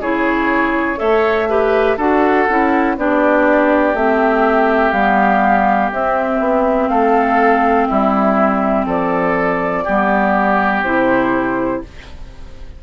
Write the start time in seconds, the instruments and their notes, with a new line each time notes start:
0.00 bassoon C#3, clarinet E4, oboe G#4, flute C#5
0.96 bassoon A3, clarinet A4, oboe C#5, flute E5
1.49 clarinet G4, oboe B4
1.97 bassoon D4, clarinet F#4, oboe A4, flute F#5
2.49 bassoon C#4, clarinet E4
2.97 bassoon B3, clarinet D4, oboe G4, flute D5
3.94 bassoon A3, clarinet C4, flute E5
4.92 bassoon G3, clarinet B3, flute F5
5.92 clarinet C4, bassoon C4, flute E5
6.40 bassoon B3
6.89 bassoon A3, oboe A4, flute F5
7.87 bassoon G3, oboe E4, flute E5
8.86 bassoon F3, oboe A4, flute D5
9.84 bassoon G3, clarinet B3, oboe G4
10.84 bassoon C3, clarinet E4, flute C5